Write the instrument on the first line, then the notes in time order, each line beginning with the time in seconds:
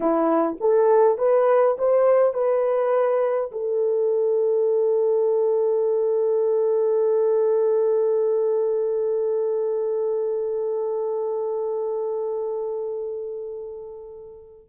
horn
0.00 E4
0.60 A4
1.18 B4
1.78 C5
2.33 B4
3.51 A4